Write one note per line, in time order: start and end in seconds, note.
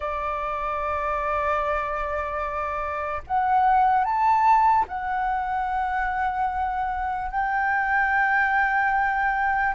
0.00 3.22 D5
3.27 4.04 F#5
4.04 4.85 A5
4.88 7.30 F#5
7.30 9.73 G5